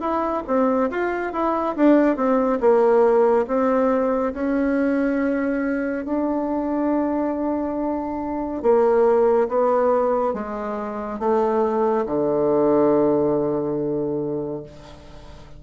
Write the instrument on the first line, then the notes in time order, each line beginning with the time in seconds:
bassoon
0.00 E4
0.47 C4
0.90 F4
1.32 E4
1.76 D4
2.16 C4
2.60 A#3
3.47 C4
4.33 C#4
6.05 D4
8.62 A#3
9.48 B3
10.34 G#3
11.19 A3
12.06 D3